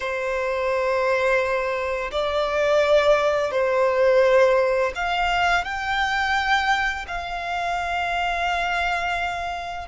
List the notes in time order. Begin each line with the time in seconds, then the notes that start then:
0.00 C5
2.11 D5
3.51 C5
4.95 F5
5.64 G5
7.07 F5